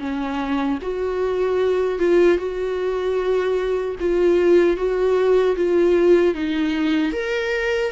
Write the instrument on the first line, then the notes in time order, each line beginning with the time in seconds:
viola
0.00 C#4
0.83 F#4
1.99 F4
2.38 F#4
4.00 F4
4.77 F#4
5.57 F4
6.35 D#4
7.13 A#4